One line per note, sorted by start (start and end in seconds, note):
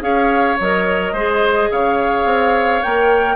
0.00 0.57 C#4
0.00 0.56 G#4
0.00 1.12 C#5
0.00 0.58 F5
0.60 1.13 F#3
0.60 1.16 A#4
0.60 1.72 D#5
1.12 1.69 G#3
1.12 2.83 G#4
1.12 1.68 C5
1.71 2.25 C#3
1.71 3.35 C#5
1.71 2.83 F5
2.25 2.81 C4
2.83 3.35 A#3
2.83 3.35 A#4
2.83 3.35 G5